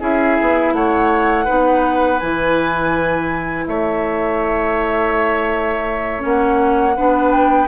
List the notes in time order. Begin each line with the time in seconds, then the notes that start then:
0.00 C#4 E4 G#4 E5
0.41 B3
0.73 A3 C#5 F#5
1.45 B3 D#4 B4
2.18 E3 E4 G#5
3.66 A3 C#5 E5
6.19 A#3 C#4 F#5
6.96 B3 D4 B4
7.31 G5